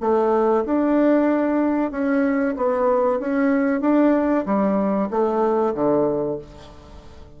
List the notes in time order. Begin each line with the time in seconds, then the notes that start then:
0.00 A3
0.65 D4
1.91 C#4
2.56 B3
3.19 C#4
3.81 D4
4.45 G3
5.10 A3
5.74 D3